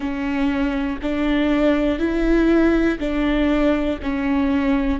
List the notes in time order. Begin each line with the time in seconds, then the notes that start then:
0.00 C#4
1.02 D4
1.98 E4
2.99 D4
4.02 C#4